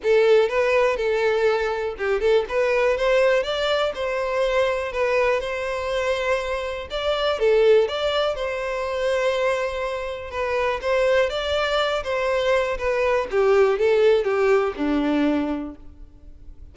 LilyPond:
\new Staff \with { instrumentName = "violin" } { \time 4/4 \tempo 4 = 122 a'4 b'4 a'2 | g'8 a'8 b'4 c''4 d''4 | c''2 b'4 c''4~ | c''2 d''4 a'4 |
d''4 c''2.~ | c''4 b'4 c''4 d''4~ | d''8 c''4. b'4 g'4 | a'4 g'4 d'2 | }